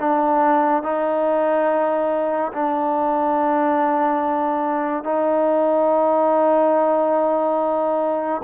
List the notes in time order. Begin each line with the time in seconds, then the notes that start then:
0.00 D4
0.83 D#4
2.53 D4
5.04 D#4